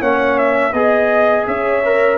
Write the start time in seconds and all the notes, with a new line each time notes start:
0.00 A#3 C#4 C#5 F#5
0.38 E5
0.73 B3 G#4 D#5
1.47 C#4 C#5 E5
1.85 A#4